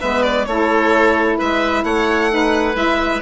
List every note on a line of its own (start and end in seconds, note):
0.00 0.47 G#3
0.00 0.47 B3
0.00 0.46 B4
0.00 0.22 E5
0.22 0.45 D5
0.45 1.38 A3
0.45 2.30 E4
0.45 1.38 A4
0.45 1.37 C#5
1.38 1.83 G#3
1.38 1.83 B4
1.38 1.84 E5
1.83 2.75 A3
1.83 2.30 C#5
1.83 2.75 F#5
2.30 2.74 D#4
2.30 3.21 B4
2.74 3.21 G#3
2.74 3.20 E4
2.74 3.21 E5